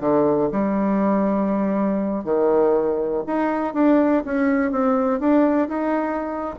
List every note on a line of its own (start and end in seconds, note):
0.00 0.50 D3
0.52 2.24 G3
2.24 3.23 D#3
3.26 3.74 D#4
3.74 4.23 D4
4.25 4.71 C#4
4.71 5.20 C4
5.20 5.68 D4
5.68 6.55 D#4